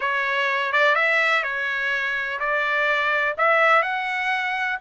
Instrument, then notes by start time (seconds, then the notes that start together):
trumpet
0.00 C#5
0.72 D5
0.95 E5
1.43 C#5
2.39 D5
3.37 E5
3.82 F#5